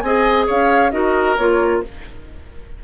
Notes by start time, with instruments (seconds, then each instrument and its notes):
0.00 bassoon C4, clarinet G#4, oboe D#5, flute G#5
0.46 bassoon C#4, oboe C#5, flute F5
0.91 bassoon D#4, clarinet F#4, oboe A#4, flute D#5
1.37 bassoon A#3, clarinet F4, flute C#5